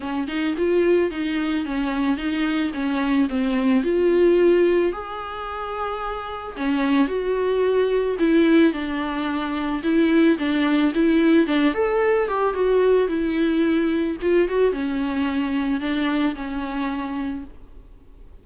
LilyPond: \new Staff \with { instrumentName = "viola" } { \time 4/4 \tempo 4 = 110 cis'8 dis'8 f'4 dis'4 cis'4 | dis'4 cis'4 c'4 f'4~ | f'4 gis'2. | cis'4 fis'2 e'4 |
d'2 e'4 d'4 | e'4 d'8 a'4 g'8 fis'4 | e'2 f'8 fis'8 cis'4~ | cis'4 d'4 cis'2 | }